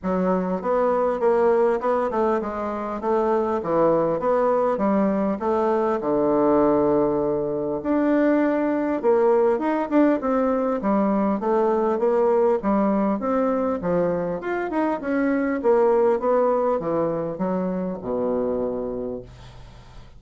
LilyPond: \new Staff \with { instrumentName = "bassoon" } { \time 4/4 \tempo 4 = 100 fis4 b4 ais4 b8 a8 | gis4 a4 e4 b4 | g4 a4 d2~ | d4 d'2 ais4 |
dis'8 d'8 c'4 g4 a4 | ais4 g4 c'4 f4 | f'8 dis'8 cis'4 ais4 b4 | e4 fis4 b,2 | }